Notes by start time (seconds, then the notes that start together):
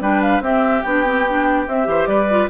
0.00 G3 D4 B4 G5
0.22 F5
0.40 C4 G4 E5
0.82 B3 D4 G5
1.04 C4
1.29 D4
1.66 C4 E5
1.84 E3 G4 C5
2.06 G3 B4 D5
2.30 F4